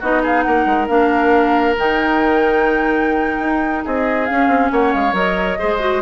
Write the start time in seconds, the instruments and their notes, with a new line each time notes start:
0.00 bassoon B3, clarinet D#4, oboe F#4, flute D#5
0.22 oboe G#4, flute F5
0.42 bassoon A#3, oboe A#4, flute F#5
0.66 bassoon G#3
0.88 bassoon A#3, clarinet D4, flute F5
1.78 bassoon D#3, clarinet D#4, flute G5
3.39 bassoon D#4
3.84 bassoon C4, oboe G#4, flute D#5
4.26 clarinet C#4, bassoon C#4, flute F5
4.48 bassoon C4
4.72 bassoon A#3, oboe C#5, flute F#5
4.93 bassoon G#3, flute F5
5.13 bassoon F#3, clarinet A#4, flute D#5
5.59 bassoon G#3, clarinet G#4, oboe C5
5.80 clarinet F#4